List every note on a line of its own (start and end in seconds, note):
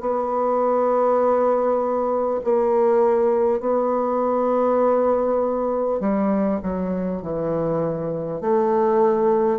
0.00 2.40 B3
2.43 3.59 A#3
3.59 5.99 B3
6.00 6.60 G3
6.63 7.22 F#3
7.22 8.41 E3
8.41 9.59 A3